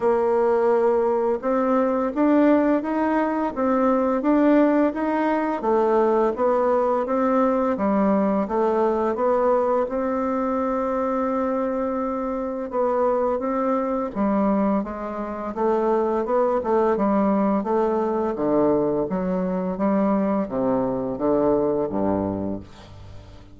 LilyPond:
\new Staff \with { instrumentName = "bassoon" } { \time 4/4 \tempo 4 = 85 ais2 c'4 d'4 | dis'4 c'4 d'4 dis'4 | a4 b4 c'4 g4 | a4 b4 c'2~ |
c'2 b4 c'4 | g4 gis4 a4 b8 a8 | g4 a4 d4 fis4 | g4 c4 d4 g,4 | }